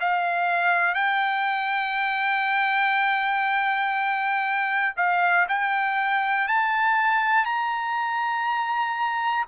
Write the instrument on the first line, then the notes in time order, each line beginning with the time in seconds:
trumpet
0.00 F5
0.95 G5
4.97 F5
5.48 G5
6.48 A5
7.45 A#5